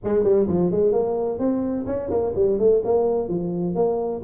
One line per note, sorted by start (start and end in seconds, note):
0.04 0.23 G#3
0.23 0.47 G3
0.47 0.71 F3
0.71 0.92 G#3
0.92 1.38 A#3
1.38 1.85 C4
1.86 2.10 C#4
2.10 2.33 A#3
2.35 2.58 G3
2.58 2.82 A3
2.84 3.28 A#3
3.28 3.75 F3
3.75 4.22 A#3